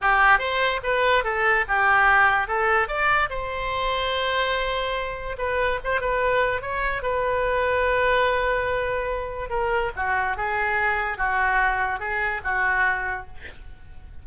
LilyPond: \new Staff \with { instrumentName = "oboe" } { \time 4/4 \tempo 4 = 145 g'4 c''4 b'4 a'4 | g'2 a'4 d''4 | c''1~ | c''4 b'4 c''8 b'4. |
cis''4 b'2.~ | b'2. ais'4 | fis'4 gis'2 fis'4~ | fis'4 gis'4 fis'2 | }